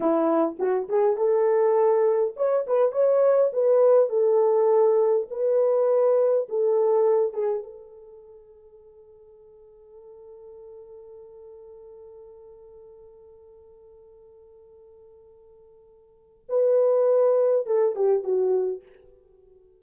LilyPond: \new Staff \with { instrumentName = "horn" } { \time 4/4 \tempo 4 = 102 e'4 fis'8 gis'8 a'2 | cis''8 b'8 cis''4 b'4 a'4~ | a'4 b'2 a'4~ | a'8 gis'8 a'2.~ |
a'1~ | a'1~ | a'1 | b'2 a'8 g'8 fis'4 | }